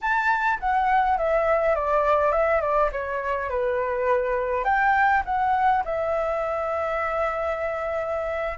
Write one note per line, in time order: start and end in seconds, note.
0.01 0.59 A5
0.59 1.17 F#5
1.17 1.75 E5
1.75 2.31 D5
2.31 2.61 E5
2.61 2.90 D5
2.92 3.49 C#5
3.49 4.64 B4
4.64 5.22 G5
5.25 5.83 F#5
5.84 8.58 E5